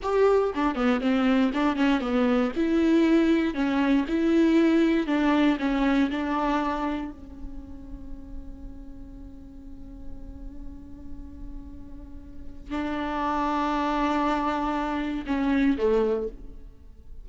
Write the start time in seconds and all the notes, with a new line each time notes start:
0.02 G4
0.54 D4
0.75 B3
1.00 C4
1.53 D4
1.75 C#4
2.00 B3
2.55 E4
3.54 C#4
4.07 E4
5.06 D4
5.59 C#4
6.10 D4
7.11 C#4
12.70 D4
15.26 C#4
15.77 A3